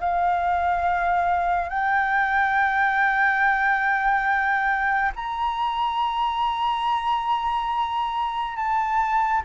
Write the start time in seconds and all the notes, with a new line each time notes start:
0.00 F5
1.69 G5
5.15 A#5
8.56 A5